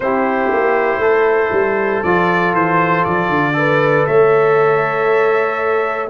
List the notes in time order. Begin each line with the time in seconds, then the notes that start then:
0.00 C4 E4 G4 C5
0.53 A#3
0.98 A3 A4
1.52 G3
2.03 F3 F4 D5
2.53 E3 C5
3.04 F3 D5
3.29 D3
3.53 A4 B4
4.06 A3 C#5 E5